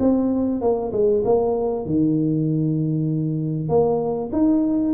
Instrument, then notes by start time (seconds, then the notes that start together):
tuba
0.00 C4
0.62 A#3
0.93 G#3
1.25 A#3
1.86 D#3
3.69 A#3
4.33 D#4